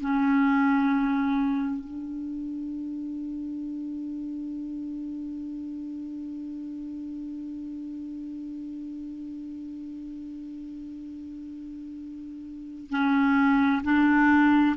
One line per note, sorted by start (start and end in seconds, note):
0.00 1.84 C#4
1.84 12.89 D4
12.89 13.82 C#4
13.83 14.76 D4